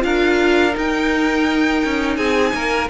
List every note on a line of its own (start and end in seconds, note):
0.00 0.76 D4
0.00 0.71 F4
0.00 2.17 A#4
0.00 0.75 F5
0.72 2.86 D#4
0.72 1.84 D#4
0.79 2.17 G5
1.85 2.18 C#4
2.17 2.53 C4
2.17 2.53 G#4
2.17 2.88 G#5
2.54 2.89 A#3
2.54 2.90 A#4